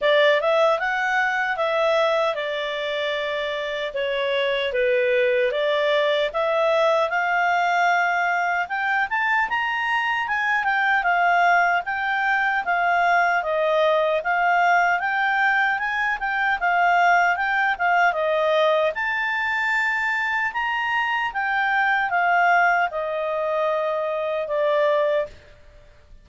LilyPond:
\new Staff \with { instrumentName = "clarinet" } { \time 4/4 \tempo 4 = 76 d''8 e''8 fis''4 e''4 d''4~ | d''4 cis''4 b'4 d''4 | e''4 f''2 g''8 a''8 | ais''4 gis''8 g''8 f''4 g''4 |
f''4 dis''4 f''4 g''4 | gis''8 g''8 f''4 g''8 f''8 dis''4 | a''2 ais''4 g''4 | f''4 dis''2 d''4 | }